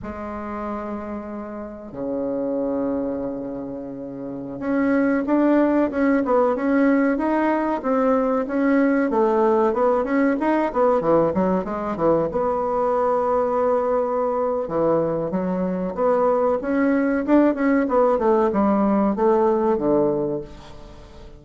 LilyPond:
\new Staff \with { instrumentName = "bassoon" } { \time 4/4 \tempo 4 = 94 gis2. cis4~ | cis2.~ cis16 cis'8.~ | cis'16 d'4 cis'8 b8 cis'4 dis'8.~ | dis'16 c'4 cis'4 a4 b8 cis'16~ |
cis'16 dis'8 b8 e8 fis8 gis8 e8 b8.~ | b2. e4 | fis4 b4 cis'4 d'8 cis'8 | b8 a8 g4 a4 d4 | }